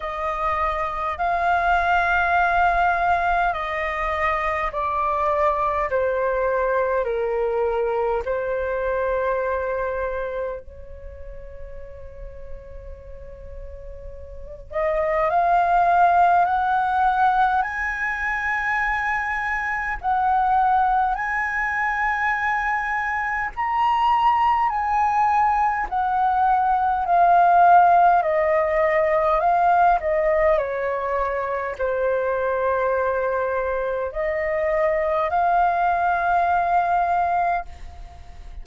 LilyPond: \new Staff \with { instrumentName = "flute" } { \time 4/4 \tempo 4 = 51 dis''4 f''2 dis''4 | d''4 c''4 ais'4 c''4~ | c''4 cis''2.~ | cis''8 dis''8 f''4 fis''4 gis''4~ |
gis''4 fis''4 gis''2 | ais''4 gis''4 fis''4 f''4 | dis''4 f''8 dis''8 cis''4 c''4~ | c''4 dis''4 f''2 | }